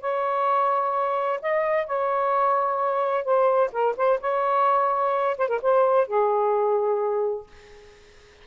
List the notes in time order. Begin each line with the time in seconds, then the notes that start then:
0.00 C#5
1.41 D#5
1.86 C#5
3.24 C5
3.72 A#4
3.96 C5
4.20 C#5
5.37 C5
5.48 A#4
5.62 C5
6.07 G#4